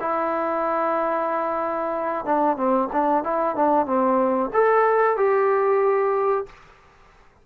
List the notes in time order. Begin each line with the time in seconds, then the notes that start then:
0.00 E4
2.26 D4
2.57 C4
2.92 D4
3.24 E4
3.56 D4
3.86 C4
4.53 A4
5.17 G4